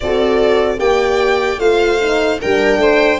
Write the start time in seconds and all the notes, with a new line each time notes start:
0.00 C4 F#4 A4 D5
0.78 A#3 G4 D5 G5
1.58 A3 F4 C5 F5
2.01 D#4
2.41 G3 D4 A#4 G5
2.77 A3 C5